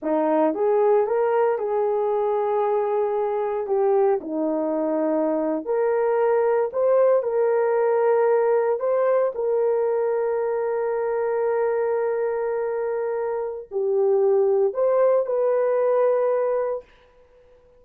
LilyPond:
\new Staff \with { instrumentName = "horn" } { \time 4/4 \tempo 4 = 114 dis'4 gis'4 ais'4 gis'4~ | gis'2. g'4 | dis'2~ dis'8. ais'4~ ais'16~ | ais'8. c''4 ais'2~ ais'16~ |
ais'8. c''4 ais'2~ ais'16~ | ais'1~ | ais'2 g'2 | c''4 b'2. | }